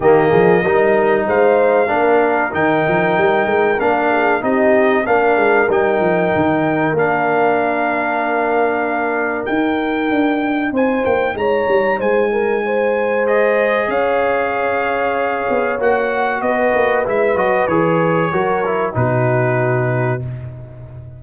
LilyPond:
<<
  \new Staff \with { instrumentName = "trumpet" } { \time 4/4 \tempo 4 = 95 dis''2 f''2 | g''2 f''4 dis''4 | f''4 g''2 f''4~ | f''2. g''4~ |
g''4 gis''8 g''8 ais''4 gis''4~ | gis''4 dis''4 f''2~ | f''4 fis''4 dis''4 e''8 dis''8 | cis''2 b'2 | }
  \new Staff \with { instrumentName = "horn" } { \time 4/4 g'8 gis'8 ais'4 c''4 ais'4~ | ais'2~ ais'8 gis'8 g'4 | ais'1~ | ais'1~ |
ais'4 c''4 cis''4 c''8 ais'8 | c''2 cis''2~ | cis''2 b'2~ | b'4 ais'4 fis'2 | }
  \new Staff \with { instrumentName = "trombone" } { \time 4/4 ais4 dis'2 d'4 | dis'2 d'4 dis'4 | d'4 dis'2 d'4~ | d'2. dis'4~ |
dis'1~ | dis'4 gis'2.~ | gis'4 fis'2 e'8 fis'8 | gis'4 fis'8 e'8 dis'2 | }
  \new Staff \with { instrumentName = "tuba" } { \time 4/4 dis8 f8 g4 gis4 ais4 | dis8 f8 g8 gis8 ais4 c'4 | ais8 gis8 g8 f8 dis4 ais4~ | ais2. dis'4 |
d'4 c'8 ais8 gis8 g8 gis4~ | gis2 cis'2~ | cis'8 b8 ais4 b8 ais8 gis8 fis8 | e4 fis4 b,2 | }
>>